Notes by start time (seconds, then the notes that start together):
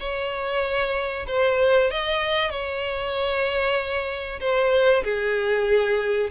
0.00 C#5
1.27 C5
1.91 D#5
2.50 C#5
4.40 C5
5.04 G#4